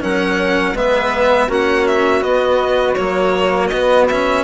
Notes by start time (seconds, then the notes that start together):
0.00 F#3 C#4 A#4 F#5
0.73 G#3 B3 B4 E5
1.47 A#3 C#4 F#4 F#5
1.87 E5
2.21 B3 D#5
2.94 F#3 A#3 C#5
3.67 B3 D#5
4.08 C#4 E5